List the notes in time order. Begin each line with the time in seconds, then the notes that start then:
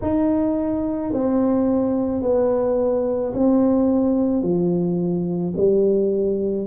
0.02 D#4
1.12 C4
2.22 B3
3.33 C4
4.42 F3
5.57 G3